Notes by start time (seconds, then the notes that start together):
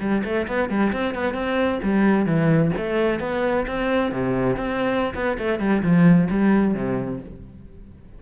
0.00 G3
0.24 A3
0.47 B3
0.69 G3
0.93 C4
1.14 B3
1.34 C4
1.83 G3
2.25 E3
2.77 A3
3.20 B3
3.67 C4
4.12 C3
4.56 C4
5.14 B3
5.38 A3
5.59 G3
5.82 F3
6.30 G3
6.74 C3